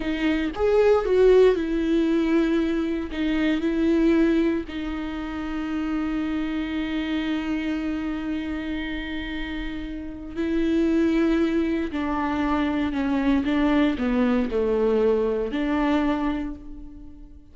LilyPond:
\new Staff \with { instrumentName = "viola" } { \time 4/4 \tempo 4 = 116 dis'4 gis'4 fis'4 e'4~ | e'2 dis'4 e'4~ | e'4 dis'2.~ | dis'1~ |
dis'1 | e'2. d'4~ | d'4 cis'4 d'4 b4 | a2 d'2 | }